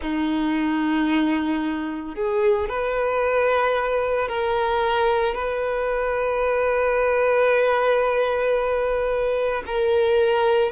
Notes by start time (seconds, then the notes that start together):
0.01 D#4
2.15 G#4
2.68 B4
4.28 A#4
5.34 B4
9.66 A#4